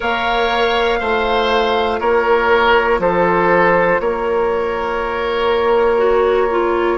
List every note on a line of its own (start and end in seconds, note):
0.00 1.00 A#3
0.00 0.99 A#4
0.00 0.99 C#5
0.00 2.00 F5
0.99 2.00 A3
0.99 5.97 F4
0.99 1.99 C5
2.00 2.99 A#3
2.00 3.00 A#4
2.00 3.00 C#5
2.99 3.99 F3
2.99 4.01 A4
2.99 4.00 C5
4.00 6.97 A#3
4.00 6.97 A#4
4.00 6.97 C#5
5.97 6.47 F#4
6.50 6.97 F4